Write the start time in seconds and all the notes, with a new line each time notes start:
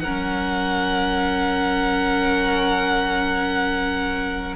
0.00 F#3 C#4 A#4 F#5